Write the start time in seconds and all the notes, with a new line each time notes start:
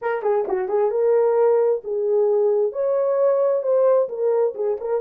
0.01 A#4
0.22 G#4
0.47 F#4
0.68 G#4
0.90 A#4
1.83 G#4
2.72 C#5
3.62 C5
4.08 A#4
4.54 G#4
4.80 A#4